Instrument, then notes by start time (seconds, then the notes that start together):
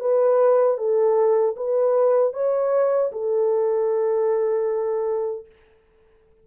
horn
0.00 B4
0.78 A4
1.57 B4
2.33 C#5
3.12 A4